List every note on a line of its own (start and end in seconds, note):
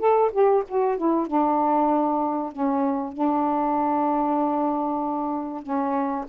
0.00 0.31 A4
0.33 0.64 G4
0.69 0.98 F#4
0.98 1.28 E4
1.28 2.53 D4
2.53 3.13 C#4
3.13 5.63 D4
5.63 6.26 C#4